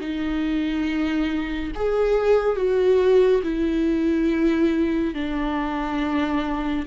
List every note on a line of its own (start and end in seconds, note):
0.00 1.71 D#4
1.75 2.56 G#4
2.56 3.42 F#4
3.43 5.14 E4
5.14 6.86 D4